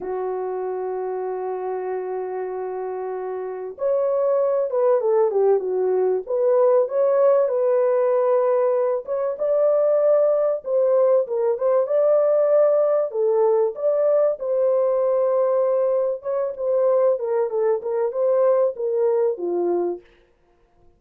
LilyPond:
\new Staff \with { instrumentName = "horn" } { \time 4/4 \tempo 4 = 96 fis'1~ | fis'2 cis''4. b'8 | a'8 g'8 fis'4 b'4 cis''4 | b'2~ b'8 cis''8 d''4~ |
d''4 c''4 ais'8 c''8 d''4~ | d''4 a'4 d''4 c''4~ | c''2 cis''8 c''4 ais'8 | a'8 ais'8 c''4 ais'4 f'4 | }